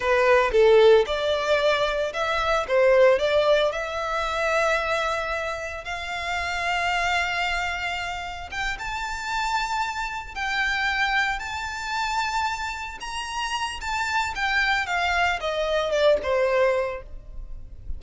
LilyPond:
\new Staff \with { instrumentName = "violin" } { \time 4/4 \tempo 4 = 113 b'4 a'4 d''2 | e''4 c''4 d''4 e''4~ | e''2. f''4~ | f''1 |
g''8 a''2. g''8~ | g''4. a''2~ a''8~ | a''8 ais''4. a''4 g''4 | f''4 dis''4 d''8 c''4. | }